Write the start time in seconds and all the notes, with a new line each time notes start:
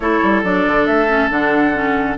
0.00 A3 E4 A4 C#5
0.23 G3
0.43 F#3 D4 D5
0.66 D3
0.85 A3 E5
1.08 C#4
1.30 D3 D4 F#5
1.73 C#4